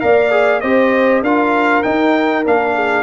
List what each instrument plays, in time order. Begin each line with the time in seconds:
0.00 tuba A#3, trombone A#4, horn D5, trumpet F5
0.31 trombone G#4
0.60 tuba C4, trombone G4, horn C5, trumpet D#5
1.22 tuba D4, trombone F4, horn A#4, trumpet F5
1.82 trombone D#4, tuba D#4, trumpet G5
2.44 tuba A#3, trombone D4, trumpet F5
2.75 horn G#4